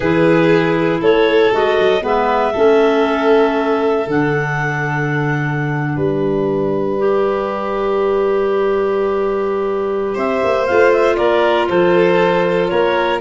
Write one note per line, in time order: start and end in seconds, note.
0.00 1.00 E3
0.00 1.52 E4
0.00 1.00 G#4
0.00 1.00 B4
1.00 1.52 A3
1.00 2.02 A4
1.00 1.54 C#5
1.52 1.78 G#3
1.52 2.01 F#4
1.52 2.05 D#5
1.79 2.02 F#3
2.01 2.53 G#3
2.01 2.52 B3
2.01 2.52 B4
2.01 4.09 E5
2.52 4.07 A3
2.52 4.06 C#4
2.52 5.95 A4
4.06 5.96 D3
4.06 6.98 D4
4.06 5.98 F#5
5.95 10.16 G3
5.95 10.14 B4
5.95 10.17 D5
6.98 10.67 G4
10.14 10.42 C4
10.14 11.16 C5
10.14 10.66 E5
10.43 10.69 A#3
10.66 11.18 A3
10.66 13.20 F4
10.66 10.91 F5
10.92 11.16 E5
11.16 11.68 A#3
11.16 11.68 A#4
11.16 11.67 D5
11.68 12.70 F3
11.68 12.71 A4
11.68 12.68 C5
12.68 13.20 A#3
12.68 13.20 A#4
12.68 13.19 C#5